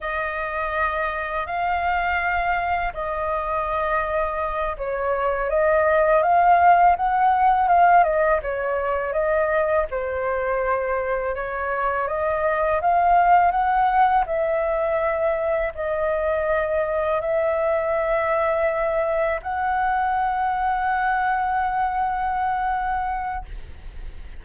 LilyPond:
\new Staff \with { instrumentName = "flute" } { \time 4/4 \tempo 4 = 82 dis''2 f''2 | dis''2~ dis''8 cis''4 dis''8~ | dis''8 f''4 fis''4 f''8 dis''8 cis''8~ | cis''8 dis''4 c''2 cis''8~ |
cis''8 dis''4 f''4 fis''4 e''8~ | e''4. dis''2 e''8~ | e''2~ e''8 fis''4.~ | fis''1 | }